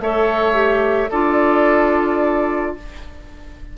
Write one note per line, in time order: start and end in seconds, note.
0.00 1.10 A3
0.00 0.54 A4
0.00 1.11 C#5
0.00 1.11 E5
0.54 1.09 G4
1.11 2.76 D4
1.11 2.78 F4
1.11 2.76 A4
1.11 2.76 D5